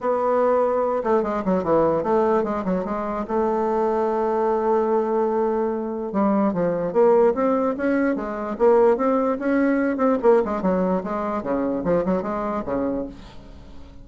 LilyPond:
\new Staff \with { instrumentName = "bassoon" } { \time 4/4 \tempo 4 = 147 b2~ b8 a8 gis8 fis8 | e4 a4 gis8 fis8 gis4 | a1~ | a2. g4 |
f4 ais4 c'4 cis'4 | gis4 ais4 c'4 cis'4~ | cis'8 c'8 ais8 gis8 fis4 gis4 | cis4 f8 fis8 gis4 cis4 | }